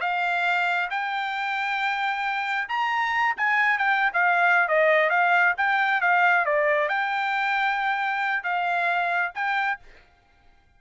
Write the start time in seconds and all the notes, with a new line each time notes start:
0.00 F5
0.90 G5
2.68 A#5
3.37 G#5
3.78 G5
4.13 F5
4.68 D#5
5.09 F5
5.57 G5
6.00 F5
6.45 D5
6.88 G5
8.43 F5
9.34 G5